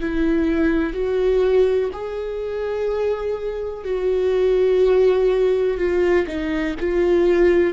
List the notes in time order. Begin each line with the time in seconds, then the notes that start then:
0.00 E4
0.93 F#4
1.93 G#4
3.84 F#4
5.78 F4
6.27 D#4
6.80 F4